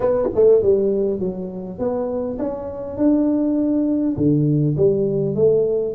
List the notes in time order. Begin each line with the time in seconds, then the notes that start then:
0.00 B3
0.35 A3
0.62 G3
1.19 F#3
1.78 B3
2.38 C#4
2.97 D4
4.16 D3
4.76 G3
5.35 A3